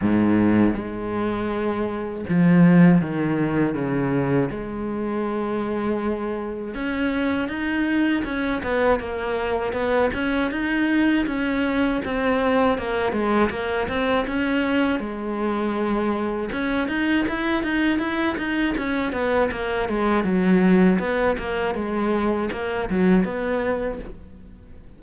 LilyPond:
\new Staff \with { instrumentName = "cello" } { \time 4/4 \tempo 4 = 80 gis,4 gis2 f4 | dis4 cis4 gis2~ | gis4 cis'4 dis'4 cis'8 b8 | ais4 b8 cis'8 dis'4 cis'4 |
c'4 ais8 gis8 ais8 c'8 cis'4 | gis2 cis'8 dis'8 e'8 dis'8 | e'8 dis'8 cis'8 b8 ais8 gis8 fis4 | b8 ais8 gis4 ais8 fis8 b4 | }